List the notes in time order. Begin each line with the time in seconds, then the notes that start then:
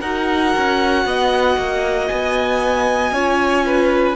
0.00 D#4 F#4 A#4 F#5
0.57 C#4
1.05 B3 D#5
1.57 A#3
2.08 B3 G#5
3.11 C#4 F4 C#5
3.66 B4